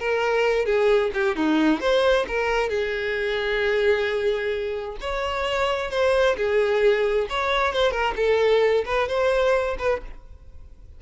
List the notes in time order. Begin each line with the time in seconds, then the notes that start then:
0.00 A#4
0.66 G#4
1.14 G4
1.36 D#4
1.81 C5
2.28 A#4
2.70 G#4
5.01 C#5
5.91 C5
6.37 G#4
7.30 C#5
7.74 C5
7.92 A#4
8.17 A4
8.86 B4
9.09 C5
9.79 B4